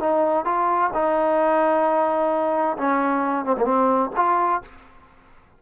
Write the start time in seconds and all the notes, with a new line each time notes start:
0.00 D#4
0.45 F4
0.94 D#4
2.78 C#4
3.45 C4
3.58 A#3
3.65 C4
4.16 F4